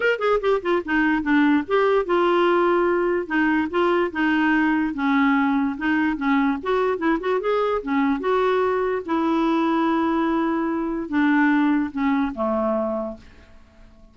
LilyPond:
\new Staff \with { instrumentName = "clarinet" } { \time 4/4 \tempo 4 = 146 ais'8 gis'8 g'8 f'8 dis'4 d'4 | g'4 f'2. | dis'4 f'4 dis'2 | cis'2 dis'4 cis'4 |
fis'4 e'8 fis'8 gis'4 cis'4 | fis'2 e'2~ | e'2. d'4~ | d'4 cis'4 a2 | }